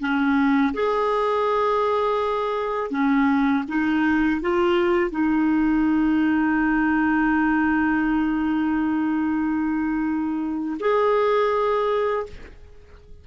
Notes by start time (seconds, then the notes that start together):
0.00 C#4
0.74 G#4
2.90 C#4
3.68 D#4
4.41 F4
5.10 D#4
10.80 G#4